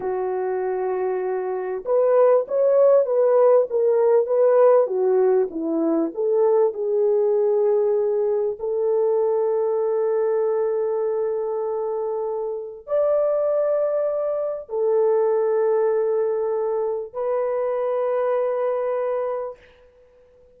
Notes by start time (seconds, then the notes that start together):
0.00 F#4
1.85 B4
2.47 C#5
3.05 B4
3.70 A#4
4.26 B4
4.86 F#4
5.50 E4
6.14 A4
6.73 G#4
8.59 A4
12.86 D5
14.69 A4
17.13 B4